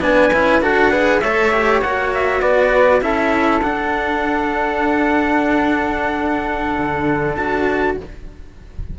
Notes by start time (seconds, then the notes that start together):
0.00 B3 D4 B4 G#5
0.33 C#4 E4
0.60 D4 F#4 A4 F#5
0.91 G#4 B4
1.21 A3 A4 C#5 E5
1.53 G4
1.81 A#3 F#4 F#5
2.14 E5
2.41 B3 B4 D5
3.00 C#4 E4 A4 E5
3.62 D4 F#5
6.77 D3
7.36 D4 F#4 A5